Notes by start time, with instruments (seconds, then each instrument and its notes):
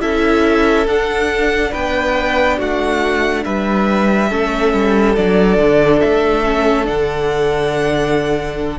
0.00 cello C#4, viola E4, violin A4 E5
0.87 cello D4, viola D4, violin F#5
1.71 cello B3, violin B4 G5
2.58 cello A3, violin F#4 F#5
3.44 cello G3, violin B4 E5
4.29 cello A3, viola C#4, violin A4
4.74 cello G3
5.16 cello F#3, viola D4, violin D5
5.58 cello D3
6.00 cello A3, violin E5
6.45 viola C#4
6.85 cello D3, viola D4, violin F#5